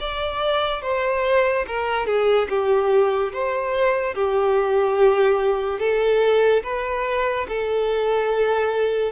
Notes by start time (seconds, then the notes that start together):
0.00 D5
0.82 C5
1.67 A#4
2.06 G#4
2.49 G4
3.33 C5
4.15 G4
5.80 A4
6.64 B4
7.49 A4